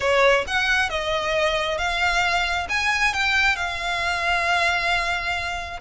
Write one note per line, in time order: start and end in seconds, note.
0.00 0.45 C#5
0.47 0.89 F#5
0.89 1.78 D#5
1.78 2.67 F5
2.69 3.13 G#5
3.13 3.56 G5
3.56 5.80 F5